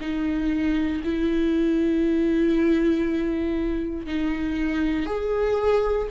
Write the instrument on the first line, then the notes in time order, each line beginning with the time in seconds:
viola
0.00 D#4
1.04 E4
4.06 D#4
5.06 G#4